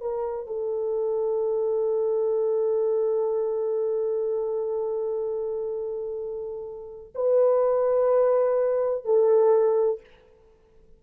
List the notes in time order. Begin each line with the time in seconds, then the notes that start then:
0.00 A#4
0.46 A4
7.14 B4
9.04 A4